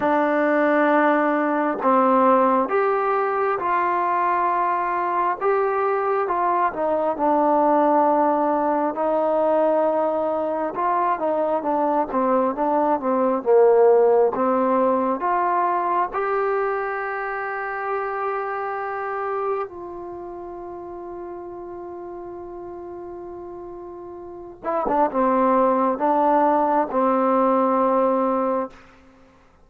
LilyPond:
\new Staff \with { instrumentName = "trombone" } { \time 4/4 \tempo 4 = 67 d'2 c'4 g'4 | f'2 g'4 f'8 dis'8 | d'2 dis'2 | f'8 dis'8 d'8 c'8 d'8 c'8 ais4 |
c'4 f'4 g'2~ | g'2 f'2~ | f'2.~ f'8 e'16 d'16 | c'4 d'4 c'2 | }